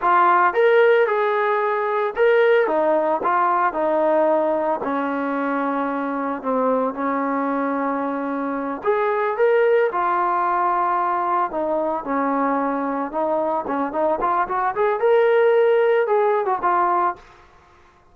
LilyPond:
\new Staff \with { instrumentName = "trombone" } { \time 4/4 \tempo 4 = 112 f'4 ais'4 gis'2 | ais'4 dis'4 f'4 dis'4~ | dis'4 cis'2. | c'4 cis'2.~ |
cis'8 gis'4 ais'4 f'4.~ | f'4. dis'4 cis'4.~ | cis'8 dis'4 cis'8 dis'8 f'8 fis'8 gis'8 | ais'2 gis'8. fis'16 f'4 | }